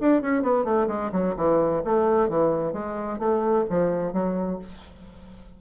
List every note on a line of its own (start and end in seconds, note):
0.00 0.21 D4
0.21 0.42 C#4
0.42 0.64 B3
0.64 0.87 A3
0.88 1.11 G#3
1.12 1.35 F#3
1.36 1.82 E3
1.84 2.29 A3
2.29 2.73 E3
2.73 3.19 G#3
3.19 3.65 A3
3.69 4.13 F3
4.13 4.59 F#3